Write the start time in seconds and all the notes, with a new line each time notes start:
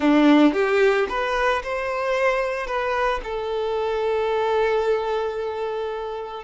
0.00 D4
0.53 G4
1.09 B4
1.63 C5
2.66 B4
3.23 A4